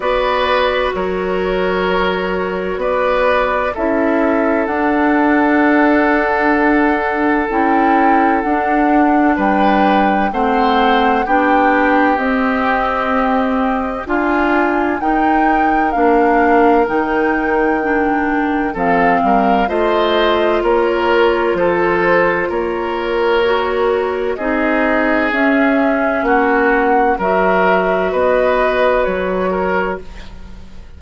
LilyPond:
<<
  \new Staff \with { instrumentName = "flute" } { \time 4/4 \tempo 4 = 64 d''4 cis''2 d''4 | e''4 fis''2. | g''4 fis''4 g''4 fis''4 | g''4 dis''2 gis''4 |
g''4 f''4 g''2 | f''4 dis''4 cis''4 c''4 | cis''2 dis''4 e''4 | fis''4 e''4 dis''4 cis''4 | }
  \new Staff \with { instrumentName = "oboe" } { \time 4/4 b'4 ais'2 b'4 | a'1~ | a'2 b'4 c''4 | g'2. f'4 |
ais'1 | a'8 ais'8 c''4 ais'4 a'4 | ais'2 gis'2 | fis'4 ais'4 b'4. ais'8 | }
  \new Staff \with { instrumentName = "clarinet" } { \time 4/4 fis'1 | e'4 d'2. | e'4 d'2 c'4 | d'4 c'2 f'4 |
dis'4 d'4 dis'4 d'4 | c'4 f'2.~ | f'4 fis'4 dis'4 cis'4~ | cis'4 fis'2. | }
  \new Staff \with { instrumentName = "bassoon" } { \time 4/4 b4 fis2 b4 | cis'4 d'2. | cis'4 d'4 g4 a4 | b4 c'2 d'4 |
dis'4 ais4 dis2 | f8 g8 a4 ais4 f4 | ais2 c'4 cis'4 | ais4 fis4 b4 fis4 | }
>>